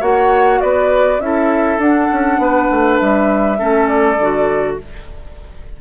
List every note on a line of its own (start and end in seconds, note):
0.00 0.60 A#3
0.00 1.20 F#4
0.00 0.59 C#5
0.00 0.61 F#5
0.61 1.19 B3
0.61 1.21 B4
0.61 1.20 D5
1.19 1.78 C#4
1.19 1.80 E4
1.19 2.41 A4
1.19 1.80 E5
1.78 2.07 D4
1.78 3.58 D4
1.78 2.98 F#5
2.12 2.38 C#4
2.38 2.68 B3
2.38 3.58 B4
2.71 3.00 A3
2.98 3.60 G3
2.98 3.87 E5
3.58 4.17 A3
3.58 4.17 C#4
3.58 4.77 A4
3.87 4.76 D5
4.17 4.77 D3
4.17 4.81 F#4